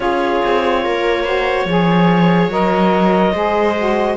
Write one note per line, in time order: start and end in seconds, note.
0.00 0.41 C#4
0.00 1.25 F4
0.00 0.84 G#4
0.00 2.50 C#5
0.44 0.86 C4
0.84 1.65 A#3
0.84 1.24 A#4
1.24 1.67 F#4
1.24 1.66 C5
1.65 2.48 F3
1.65 2.50 G#4
1.65 3.33 C#5
2.48 3.31 F#3
2.48 3.33 A#4
2.48 4.16 D#5
3.33 4.16 G#3
3.33 3.75 G#4
3.33 4.16 C5
3.77 4.16 F#4